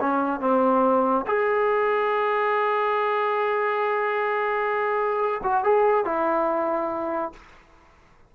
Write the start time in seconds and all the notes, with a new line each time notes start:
0.00 C#4
0.40 C4
1.26 G#4
5.43 F#4
5.64 G#4
6.05 E4